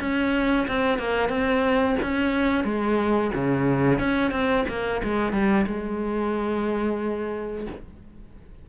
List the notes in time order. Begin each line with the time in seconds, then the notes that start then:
0.00 C#4
0.68 C4
0.98 A#3
1.29 C4
2.02 C#4
2.64 G#3
3.35 C#3
3.99 C#4
4.32 C4
4.68 A#3
5.03 G#3
5.32 G3
5.67 G#3